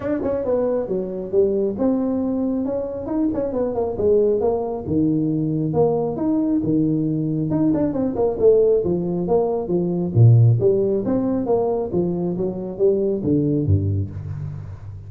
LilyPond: \new Staff \with { instrumentName = "tuba" } { \time 4/4 \tempo 4 = 136 d'8 cis'8 b4 fis4 g4 | c'2 cis'4 dis'8 cis'8 | b8 ais8 gis4 ais4 dis4~ | dis4 ais4 dis'4 dis4~ |
dis4 dis'8 d'8 c'8 ais8 a4 | f4 ais4 f4 ais,4 | g4 c'4 ais4 f4 | fis4 g4 d4 g,4 | }